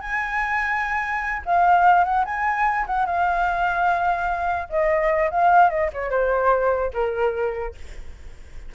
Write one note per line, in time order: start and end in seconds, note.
0.00 1.42 G#5
1.45 2.04 F5
2.04 2.24 F#5
2.25 2.85 G#5
2.86 3.06 F#5
3.06 4.68 F5
4.69 5.30 D#5
5.30 5.70 F5
5.70 5.90 D#5
5.93 6.10 C#5
6.10 6.91 C5
6.93 7.74 A#4